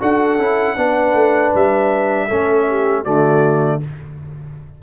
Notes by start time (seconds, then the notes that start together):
0.00 D4 F#4 A4 F#5
0.38 C#4 E4
0.77 B3 D4 B4
1.13 A3
1.54 G3 E5
2.28 A3 C#4 A4
2.69 G4
3.03 D3 A3 F#4 D5